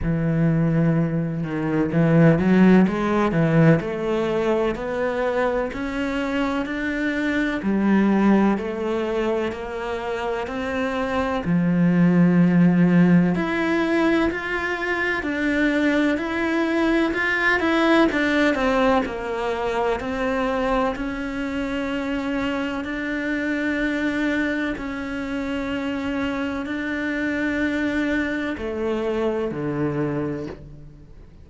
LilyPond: \new Staff \with { instrumentName = "cello" } { \time 4/4 \tempo 4 = 63 e4. dis8 e8 fis8 gis8 e8 | a4 b4 cis'4 d'4 | g4 a4 ais4 c'4 | f2 e'4 f'4 |
d'4 e'4 f'8 e'8 d'8 c'8 | ais4 c'4 cis'2 | d'2 cis'2 | d'2 a4 d4 | }